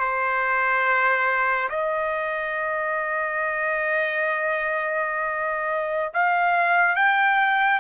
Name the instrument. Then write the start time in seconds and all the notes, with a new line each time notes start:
trumpet
0.00 C5
1.70 D#5
6.14 F5
6.96 G5